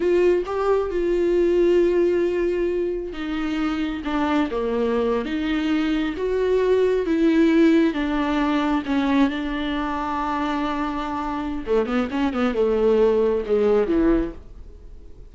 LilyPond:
\new Staff \with { instrumentName = "viola" } { \time 4/4 \tempo 4 = 134 f'4 g'4 f'2~ | f'2. dis'4~ | dis'4 d'4 ais4.~ ais16 dis'16~ | dis'4.~ dis'16 fis'2 e'16~ |
e'4.~ e'16 d'2 cis'16~ | cis'8. d'2.~ d'16~ | d'2 a8 b8 cis'8 b8 | a2 gis4 e4 | }